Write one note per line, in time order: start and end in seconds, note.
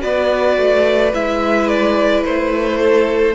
0.00 0.58 B3
0.00 1.11 F#4
0.00 2.79 B4
0.00 1.13 D5
0.58 1.13 A3
1.13 2.25 G#3
1.13 3.35 E4
1.13 1.69 E5
1.69 2.24 D5
2.25 3.35 A3
2.25 3.35 C5
2.80 3.35 A4